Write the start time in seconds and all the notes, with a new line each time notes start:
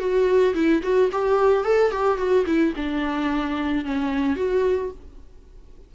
0.00 F#4
0.55 E4
0.83 F#4
1.12 G4
1.65 A4
1.92 G4
2.18 F#4
2.47 E4
2.76 D4
3.86 C#4
4.37 F#4